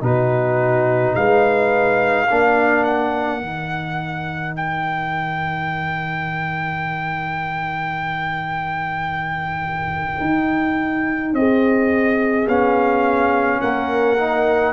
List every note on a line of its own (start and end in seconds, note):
0.00 1.14 B2
0.00 2.26 D#4
0.00 1.16 F#4
0.00 1.15 B4
1.15 2.29 G#3
1.15 2.27 B4
1.15 2.84 F5
2.27 3.41 A#3
2.27 3.40 D4
2.27 11.33 A#4
2.84 4.54 F#5
3.40 10.20 D#3
3.40 12.46 D#4
4.56 11.34 G5
10.20 11.33 D#4
11.33 12.46 C4
11.33 13.60 G#4
11.33 12.48 D#5
12.47 13.60 B3
12.47 14.17 C#4
12.47 13.61 F5
13.60 14.73 A#3
13.60 14.73 A#4
13.60 14.73 F#5
14.18 14.73 D#4